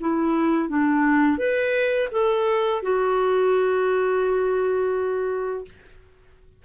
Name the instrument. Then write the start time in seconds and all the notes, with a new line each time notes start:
clarinet
0.00 E4
0.69 D4
1.38 B4
2.12 A4
2.82 F#4